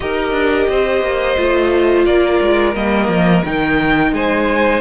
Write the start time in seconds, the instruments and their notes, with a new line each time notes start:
0.00 cello D#4, viola G4, violin A#4 D#5
0.31 cello D4
0.69 cello C4, violin C5
1.01 cello A#3
1.37 cello A3, viola F4
2.05 cello A#3, violin A#4 D5
2.41 cello G#3
2.75 cello G3, viola A#3, violin D#5
3.08 cello F3
3.45 cello D#3, viola D#4, violin G5
4.12 cello G#3, violin C5 G#5